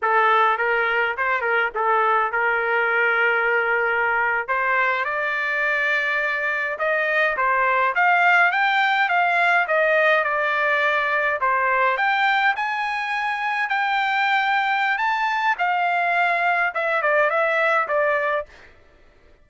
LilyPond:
\new Staff \with { instrumentName = "trumpet" } { \time 4/4 \tempo 4 = 104 a'4 ais'4 c''8 ais'8 a'4 | ais'2.~ ais'8. c''16~ | c''8. d''2. dis''16~ | dis''8. c''4 f''4 g''4 f''16~ |
f''8. dis''4 d''2 c''16~ | c''8. g''4 gis''2 g''16~ | g''2 a''4 f''4~ | f''4 e''8 d''8 e''4 d''4 | }